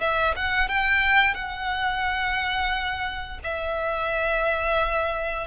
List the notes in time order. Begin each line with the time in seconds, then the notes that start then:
0.00 E5
0.36 F#5
0.68 G5
1.34 F#5
3.43 E5